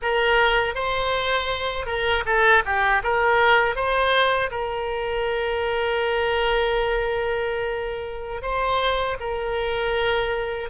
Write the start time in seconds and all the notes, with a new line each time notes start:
0.02 A#4
0.75 C5
1.86 A#4
2.25 A4
2.65 G4
3.03 A#4
3.75 C5
4.50 A#4
8.42 C5
9.19 A#4